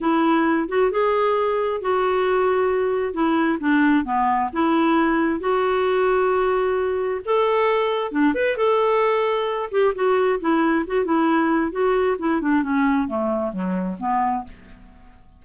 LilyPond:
\new Staff \with { instrumentName = "clarinet" } { \time 4/4 \tempo 4 = 133 e'4. fis'8 gis'2 | fis'2. e'4 | d'4 b4 e'2 | fis'1 |
a'2 d'8 b'8 a'4~ | a'4. g'8 fis'4 e'4 | fis'8 e'4. fis'4 e'8 d'8 | cis'4 a4 fis4 b4 | }